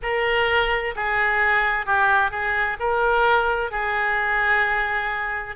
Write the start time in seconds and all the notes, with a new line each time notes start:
0.02 A#4
0.95 G#4
1.85 G4
2.31 G#4
2.79 A#4
3.71 G#4